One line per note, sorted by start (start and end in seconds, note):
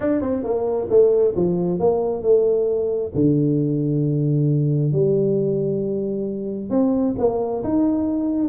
0.00 0.21 D4
0.21 0.43 C4
0.43 0.88 A#3
0.90 1.34 A3
1.36 1.79 F3
1.79 2.22 A#3
2.22 3.12 A3
3.14 4.92 D3
4.92 6.69 G3
6.69 7.14 C4
7.18 7.63 A#3
7.63 8.48 D#4